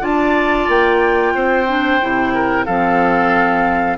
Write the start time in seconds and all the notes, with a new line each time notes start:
0.00 D4 F4 D5 A5
0.68 A#3 G5
1.34 C4 C5
1.67 D4
2.01 C3 E4
2.34 A#4
2.65 F3 C4 A4 F5